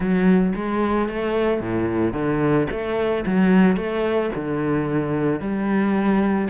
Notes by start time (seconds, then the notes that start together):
0.00 F#3
0.55 G#3
1.09 A3
1.60 A2
2.13 D3
2.70 A3
3.26 F#3
3.76 A3
4.35 D3
5.40 G3